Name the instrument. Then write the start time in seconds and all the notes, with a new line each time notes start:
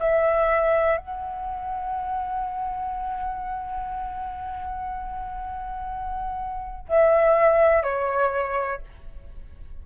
flute
0.00 E5
0.98 F#5
6.89 E5
7.83 C#5